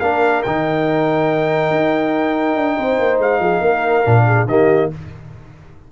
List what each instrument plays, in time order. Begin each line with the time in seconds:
0.00 tuba A#3, trombone D4, horn A#4, trumpet F5
0.43 tuba D#3, trombone D#4, trumpet G5
1.70 tuba D#4
2.56 tuba D4
2.78 tuba C4, horn C5
2.99 tuba A#3
3.18 tuba G#3, trumpet F5
3.39 tuba F3, horn G#4
3.61 tuba A#3, horn A#4
4.05 tuba A#2, trombone D4
4.27 horn G#4
4.46 tuba D#3, trombone A#3, horn G4, trumpet D#5